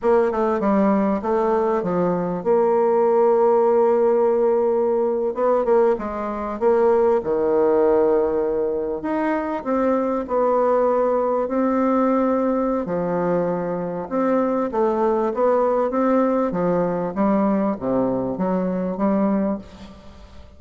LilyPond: \new Staff \with { instrumentName = "bassoon" } { \time 4/4 \tempo 4 = 98 ais8 a8 g4 a4 f4 | ais1~ | ais8. b8 ais8 gis4 ais4 dis16~ | dis2~ dis8. dis'4 c'16~ |
c'8. b2 c'4~ c'16~ | c'4 f2 c'4 | a4 b4 c'4 f4 | g4 c4 fis4 g4 | }